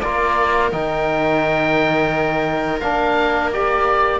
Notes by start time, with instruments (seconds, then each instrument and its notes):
0.00 cello A#3, trombone F4, viola A#4, oboe D5
0.72 cello D#3, trombone D#4, oboe G5
2.80 cello A#3, trombone D4, oboe F5
3.53 trombone G4, oboe D5